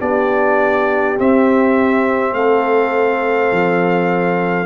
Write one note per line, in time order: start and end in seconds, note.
0.00 1.19 B3
0.00 1.16 D4
0.00 2.35 G4
0.00 1.19 D5
1.16 4.66 C4
1.16 2.34 C4
1.16 2.34 E5
2.34 3.51 A3
2.34 4.66 A4
2.34 4.66 F5
3.52 4.66 F3